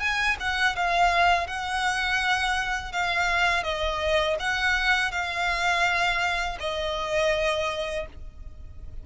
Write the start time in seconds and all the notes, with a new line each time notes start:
0.00 G#5
0.40 F#5
0.76 F5
1.47 F#5
2.92 F5
3.64 D#5
4.39 F#5
5.12 F5
6.60 D#5